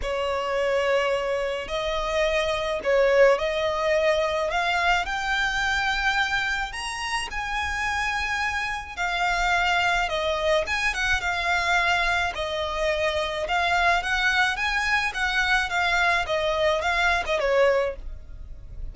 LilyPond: \new Staff \with { instrumentName = "violin" } { \time 4/4 \tempo 4 = 107 cis''2. dis''4~ | dis''4 cis''4 dis''2 | f''4 g''2. | ais''4 gis''2. |
f''2 dis''4 gis''8 fis''8 | f''2 dis''2 | f''4 fis''4 gis''4 fis''4 | f''4 dis''4 f''8. dis''16 cis''4 | }